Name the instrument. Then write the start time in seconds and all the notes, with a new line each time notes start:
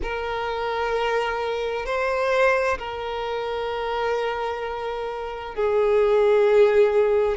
violin
0.02 A#4
1.85 C5
2.78 A#4
5.55 G#4